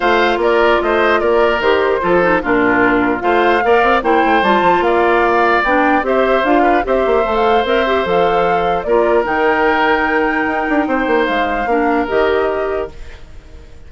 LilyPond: <<
  \new Staff \with { instrumentName = "flute" } { \time 4/4 \tempo 4 = 149 f''4 d''4 dis''4 d''4 | c''2 ais'2 | f''2 g''4 a''4 | f''2 g''4 e''4 |
f''4 e''4~ e''16 f''8. e''4 | f''2 d''4 g''4~ | g''1 | f''2 dis''2 | }
  \new Staff \with { instrumentName = "oboe" } { \time 4/4 c''4 ais'4 c''4 ais'4~ | ais'4 a'4 f'2 | c''4 d''4 c''2 | d''2. c''4~ |
c''8 b'8 c''2.~ | c''2 ais'2~ | ais'2. c''4~ | c''4 ais'2. | }
  \new Staff \with { instrumentName = "clarinet" } { \time 4/4 f'1 | g'4 f'8 dis'8 d'2 | f'4 ais'4 e'4 f'4~ | f'2 d'4 g'4 |
f'4 g'4 a'4 ais'8 g'8 | a'2 f'4 dis'4~ | dis'1~ | dis'4 d'4 g'2 | }
  \new Staff \with { instrumentName = "bassoon" } { \time 4/4 a4 ais4 a4 ais4 | dis4 f4 ais,2 | a4 ais8 c'8 ais8 a8 g8 f8 | ais2 b4 c'4 |
d'4 c'8 ais8 a4 c'4 | f2 ais4 dis4~ | dis2 dis'8 d'8 c'8 ais8 | gis4 ais4 dis2 | }
>>